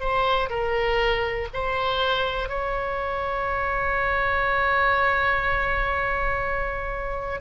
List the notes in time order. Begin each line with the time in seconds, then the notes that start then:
0.00 C5
0.50 A#4
1.53 C5
2.49 C#5